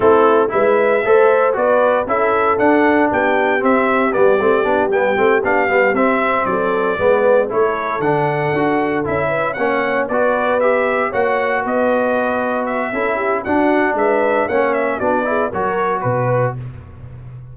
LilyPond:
<<
  \new Staff \with { instrumentName = "trumpet" } { \time 4/4 \tempo 4 = 116 a'4 e''2 d''4 | e''4 fis''4 g''4 e''4 | d''4. g''4 f''4 e''8~ | e''8 d''2 cis''4 fis''8~ |
fis''4. e''4 fis''4 d''8~ | d''8 e''4 fis''4 dis''4.~ | dis''8 e''4. fis''4 e''4 | fis''8 e''8 d''4 cis''4 b'4 | }
  \new Staff \with { instrumentName = "horn" } { \time 4/4 e'4 b'4 c''4 b'4 | a'2 g'2~ | g'1~ | g'8 a'4 b'4 a'4.~ |
a'2 b'8 cis''4 b'8~ | b'4. cis''4 b'4.~ | b'4 a'8 g'8 fis'4 b'4 | cis''4 fis'8 gis'8 ais'4 b'4 | }
  \new Staff \with { instrumentName = "trombone" } { \time 4/4 c'4 e'4 a'4 fis'4 | e'4 d'2 c'4 | b8 c'8 d'8 b8 c'8 d'8 b8 c'8~ | c'4. b4 e'4 d'8~ |
d'8 fis'4 e'4 cis'4 fis'8~ | fis'8 g'4 fis'2~ fis'8~ | fis'4 e'4 d'2 | cis'4 d'8 e'8 fis'2 | }
  \new Staff \with { instrumentName = "tuba" } { \time 4/4 a4 gis4 a4 b4 | cis'4 d'4 b4 c'4 | g8 a8 b8 g8 a8 b8 g8 c'8~ | c'8 fis4 gis4 a4 d8~ |
d8 d'4 cis'4 ais4 b8~ | b4. ais4 b4.~ | b4 cis'4 d'4 gis4 | ais4 b4 fis4 b,4 | }
>>